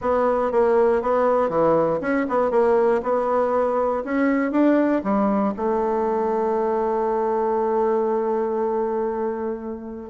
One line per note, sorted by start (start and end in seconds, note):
0.01 0.51 B3
0.51 1.02 A#3
1.02 1.49 B3
1.49 1.99 E3
2.01 2.26 C#4
2.28 2.50 B3
2.50 3.01 A#3
3.03 4.03 B3
4.04 4.51 C#4
4.51 5.02 D4
5.03 5.53 G3
5.56 10.09 A3